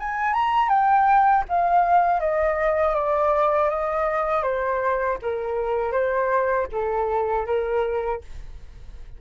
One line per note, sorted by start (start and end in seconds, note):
0.00 0.34 G#5
0.34 0.69 A#5
0.69 1.44 G5
1.49 2.20 F5
2.20 2.95 D#5
2.95 3.70 D5
3.70 4.43 D#5
4.43 5.18 C5
5.22 5.92 A#4
5.92 6.67 C5
6.72 7.46 A4
7.46 8.21 A#4